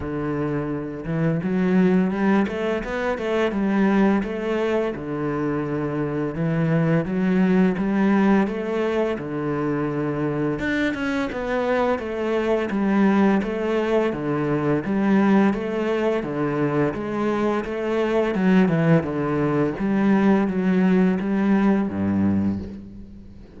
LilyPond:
\new Staff \with { instrumentName = "cello" } { \time 4/4 \tempo 4 = 85 d4. e8 fis4 g8 a8 | b8 a8 g4 a4 d4~ | d4 e4 fis4 g4 | a4 d2 d'8 cis'8 |
b4 a4 g4 a4 | d4 g4 a4 d4 | gis4 a4 fis8 e8 d4 | g4 fis4 g4 g,4 | }